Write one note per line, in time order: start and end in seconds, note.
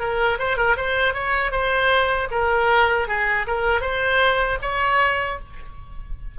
0.00 0.38 A#4
0.39 0.57 C5
0.57 0.76 A#4
0.77 1.14 C5
1.14 1.51 C#5
1.51 2.28 C5
2.31 3.08 A#4
3.08 3.47 G#4
3.47 3.81 A#4
3.81 4.58 C5
4.62 5.39 C#5